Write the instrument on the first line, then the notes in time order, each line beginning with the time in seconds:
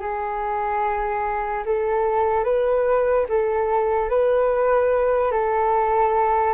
flute
0.00 G#4
1.66 A4
2.44 B4
3.29 A4
4.09 B4
5.32 A4